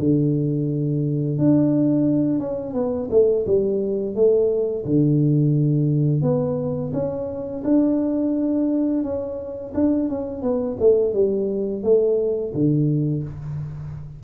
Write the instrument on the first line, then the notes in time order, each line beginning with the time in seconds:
tuba
0.00 D3
1.39 D4
2.40 C#4
2.74 B3
3.11 A3
3.47 G3
4.15 A3
4.86 D3
6.23 B3
6.94 C#4
7.65 D4
9.04 C#4
9.75 D4
10.09 C#4
10.42 B3
10.80 A3
11.14 G3
11.84 A3
12.54 D3